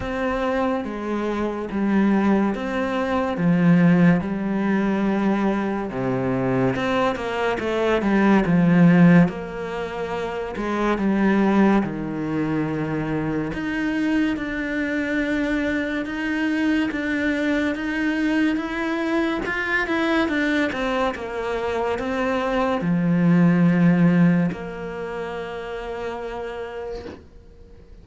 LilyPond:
\new Staff \with { instrumentName = "cello" } { \time 4/4 \tempo 4 = 71 c'4 gis4 g4 c'4 | f4 g2 c4 | c'8 ais8 a8 g8 f4 ais4~ | ais8 gis8 g4 dis2 |
dis'4 d'2 dis'4 | d'4 dis'4 e'4 f'8 e'8 | d'8 c'8 ais4 c'4 f4~ | f4 ais2. | }